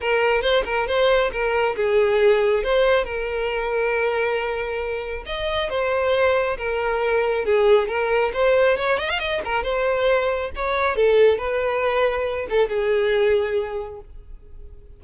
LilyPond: \new Staff \with { instrumentName = "violin" } { \time 4/4 \tempo 4 = 137 ais'4 c''8 ais'8 c''4 ais'4 | gis'2 c''4 ais'4~ | ais'1 | dis''4 c''2 ais'4~ |
ais'4 gis'4 ais'4 c''4 | cis''8 dis''16 f''16 dis''8 ais'8 c''2 | cis''4 a'4 b'2~ | b'8 a'8 gis'2. | }